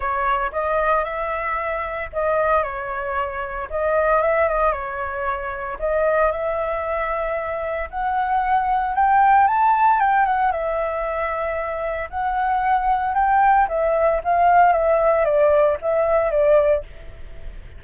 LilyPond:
\new Staff \with { instrumentName = "flute" } { \time 4/4 \tempo 4 = 114 cis''4 dis''4 e''2 | dis''4 cis''2 dis''4 | e''8 dis''8 cis''2 dis''4 | e''2. fis''4~ |
fis''4 g''4 a''4 g''8 fis''8 | e''2. fis''4~ | fis''4 g''4 e''4 f''4 | e''4 d''4 e''4 d''4 | }